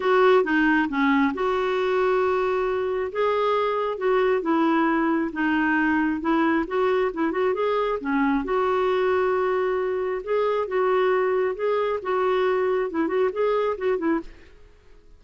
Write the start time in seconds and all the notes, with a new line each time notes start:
0.00 F#4
0.44 D#4
0.88 C#4
1.33 F#4
3.12 G#4
3.97 F#4
4.41 E4
5.32 D#4
6.20 E4
6.67 F#4
7.13 E4
7.31 F#4
7.54 G#4
8.00 C#4
8.44 F#4
10.23 G#4
10.67 F#4
11.55 G#4
12.02 F#4
12.90 E4
13.07 F#4
13.32 G#4
13.77 F#4
13.97 E4